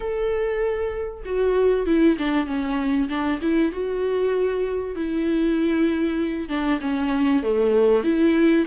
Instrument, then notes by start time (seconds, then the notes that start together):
viola
0.00 A4
1.25 F#4
1.86 E4
2.18 D4
2.46 C#4
3.08 D4
3.41 E4
3.72 F#4
4.95 E4
6.48 D4
6.80 C#4
7.42 A3
8.03 E4